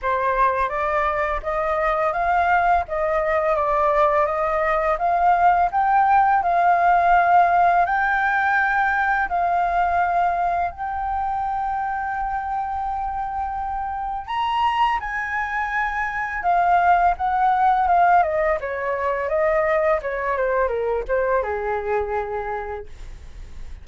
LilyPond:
\new Staff \with { instrumentName = "flute" } { \time 4/4 \tempo 4 = 84 c''4 d''4 dis''4 f''4 | dis''4 d''4 dis''4 f''4 | g''4 f''2 g''4~ | g''4 f''2 g''4~ |
g''1 | ais''4 gis''2 f''4 | fis''4 f''8 dis''8 cis''4 dis''4 | cis''8 c''8 ais'8 c''8 gis'2 | }